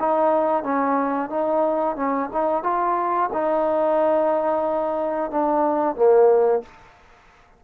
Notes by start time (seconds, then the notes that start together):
0.00 D#4
0.64 C#4
1.30 D#4
1.97 C#4
2.33 D#4
2.64 F4
3.33 D#4
5.32 D4
5.96 A#3